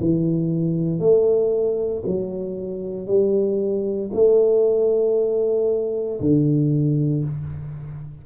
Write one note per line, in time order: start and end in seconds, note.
0.00 0.99 E3
0.99 2.03 A3
2.06 3.07 F#3
3.07 4.10 G3
4.13 6.20 A3
6.21 7.24 D3